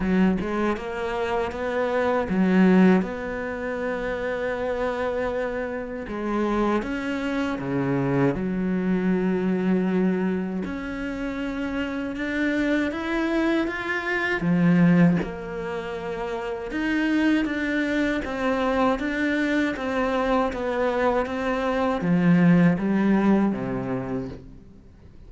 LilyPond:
\new Staff \with { instrumentName = "cello" } { \time 4/4 \tempo 4 = 79 fis8 gis8 ais4 b4 fis4 | b1 | gis4 cis'4 cis4 fis4~ | fis2 cis'2 |
d'4 e'4 f'4 f4 | ais2 dis'4 d'4 | c'4 d'4 c'4 b4 | c'4 f4 g4 c4 | }